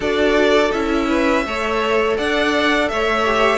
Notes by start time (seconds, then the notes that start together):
0.00 D4 F#4 A4 D5
0.71 C#4 E4 E5
1.08 B4
1.45 A3 A4 C#5
2.17 D4 D5 F#5
2.88 A3 C#5 E5
3.25 G4